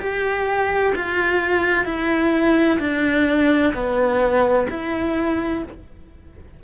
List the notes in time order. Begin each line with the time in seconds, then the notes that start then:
0.00 G4
0.95 F4
1.85 E4
2.80 D4
3.74 B3
4.70 E4